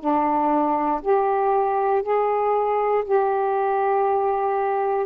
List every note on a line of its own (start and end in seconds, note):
0.00 1.02 D4
1.02 2.03 G4
2.03 3.05 G#4
3.05 5.07 G4